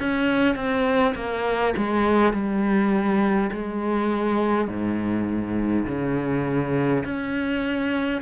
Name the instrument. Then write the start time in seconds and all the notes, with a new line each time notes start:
cello
0.00 C#4
0.55 C4
1.15 A#3
1.77 G#3
2.33 G3
3.51 G#3
4.68 G#2
5.86 C#3
7.04 C#4